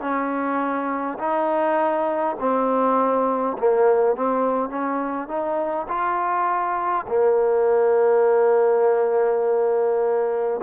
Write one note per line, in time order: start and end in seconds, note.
0.00 1.18 C#4
1.19 2.36 D#4
2.40 3.57 C4
3.58 4.16 A#3
4.16 4.70 C4
4.70 5.28 C#4
5.28 5.87 D#4
5.88 7.06 F4
7.07 10.60 A#3